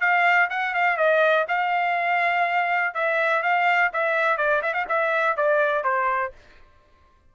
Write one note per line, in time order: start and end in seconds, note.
0.00 0.49 F5
0.50 0.74 F#5
0.74 0.97 F5
0.97 1.45 D#5
1.48 2.94 F5
2.94 3.42 E5
3.42 3.91 F5
3.93 4.37 E5
4.37 4.61 D5
4.62 4.73 E5
4.73 4.85 F5
4.88 5.36 E5
5.36 5.84 D5
5.84 6.32 C5